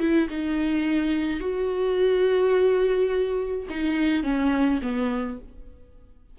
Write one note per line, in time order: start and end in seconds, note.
0.00 0.28 E4
0.30 1.41 D#4
1.41 3.67 F#4
3.70 4.24 D#4
4.24 4.80 C#4
4.82 5.39 B3